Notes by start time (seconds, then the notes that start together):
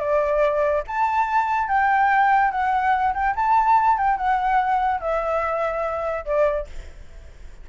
0.00 D5
0.87 A5
1.68 G5
2.52 F#5
3.15 G5
3.36 A5
3.98 G5
4.18 F#5
5.01 E5
6.26 D5